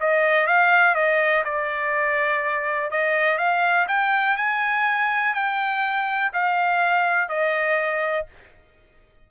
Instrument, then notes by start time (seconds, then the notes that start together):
trumpet
0.00 D#5
0.47 F5
0.95 D#5
1.45 D5
2.91 D#5
3.38 F5
3.88 G5
4.37 G#5
5.34 G5
6.33 F5
7.29 D#5